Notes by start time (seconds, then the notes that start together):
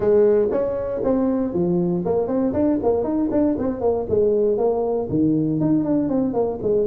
0.00 G#3
0.50 C#4
1.03 C4
1.53 F3
2.05 A#3
2.27 C4
2.53 D4
2.82 A#3
3.03 D#4
3.31 D4
3.58 C4
3.80 A#3
4.09 G#3
4.57 A#3
5.09 D#3
5.60 D#4
5.84 D4
6.08 C4
6.33 A#3
6.62 G#3